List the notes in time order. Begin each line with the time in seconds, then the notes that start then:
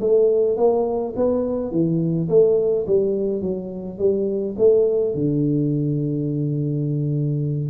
0.00 A3
0.57 A#3
1.16 B3
1.71 E3
2.28 A3
2.87 G3
3.41 F#3
3.98 G3
4.58 A3
5.14 D3